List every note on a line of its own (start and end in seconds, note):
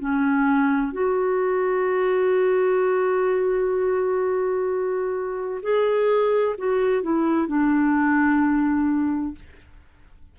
0.00 0.93 C#4
0.93 5.62 F#4
5.62 6.56 G#4
6.58 7.03 F#4
7.03 7.48 E4
7.48 9.36 D4